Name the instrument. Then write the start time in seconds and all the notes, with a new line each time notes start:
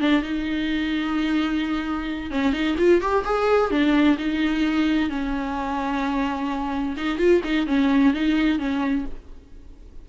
viola
0.00 D4
0.22 D#4
2.30 C#4
2.53 D#4
2.78 F4
3.01 G4
3.25 G#4
3.70 D4
4.18 D#4
5.10 C#4
6.97 D#4
7.18 F4
7.44 D#4
7.67 C#4
8.13 D#4
8.59 C#4